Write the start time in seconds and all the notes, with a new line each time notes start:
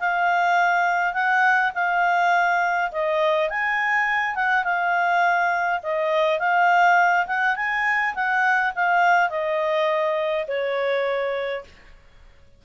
0.00 F5
1.14 F#5
1.75 F5
2.92 D#5
3.50 G#5
4.36 F#5
4.64 F5
5.83 D#5
6.39 F5
7.27 F#5
7.56 G#5
8.15 F#5
8.76 F5
9.30 D#5
10.48 C#5